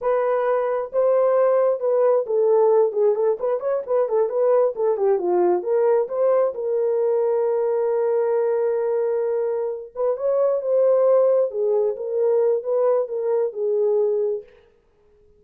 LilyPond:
\new Staff \with { instrumentName = "horn" } { \time 4/4 \tempo 4 = 133 b'2 c''2 | b'4 a'4. gis'8 a'8 b'8 | cis''8 b'8 a'8 b'4 a'8 g'8 f'8~ | f'8 ais'4 c''4 ais'4.~ |
ais'1~ | ais'2 b'8 cis''4 c''8~ | c''4. gis'4 ais'4. | b'4 ais'4 gis'2 | }